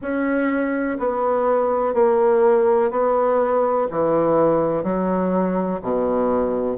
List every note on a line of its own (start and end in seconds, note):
0.01 0.98 C#4
0.99 1.94 B3
1.94 2.90 A#3
2.90 3.87 B3
3.90 4.83 E3
4.83 5.80 F#3
5.82 6.77 B2